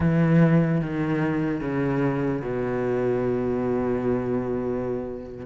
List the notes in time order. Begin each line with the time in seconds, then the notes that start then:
0.00 E3
0.81 D#3
1.60 C#3
2.42 B2